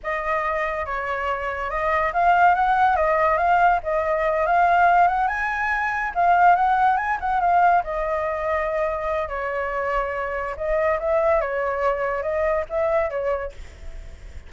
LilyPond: \new Staff \with { instrumentName = "flute" } { \time 4/4 \tempo 4 = 142 dis''2 cis''2 | dis''4 f''4 fis''4 dis''4 | f''4 dis''4. f''4. | fis''8 gis''2 f''4 fis''8~ |
fis''8 gis''8 fis''8 f''4 dis''4.~ | dis''2 cis''2~ | cis''4 dis''4 e''4 cis''4~ | cis''4 dis''4 e''4 cis''4 | }